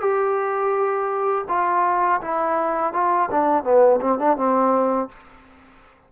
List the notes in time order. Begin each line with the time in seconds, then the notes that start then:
0.00 G4
1.48 F4
2.21 E4
2.93 F4
3.30 D4
3.63 B3
4.01 C4
4.18 D4
4.36 C4